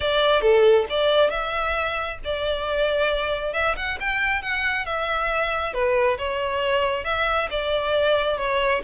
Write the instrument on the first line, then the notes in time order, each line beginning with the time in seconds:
violin
0.00 D5
0.41 A4
0.89 D5
1.30 E5
2.24 D5
3.53 E5
3.76 F#5
4.00 G5
4.42 F#5
4.85 E5
5.73 B4
6.17 C#5
7.04 E5
7.50 D5
8.37 C#5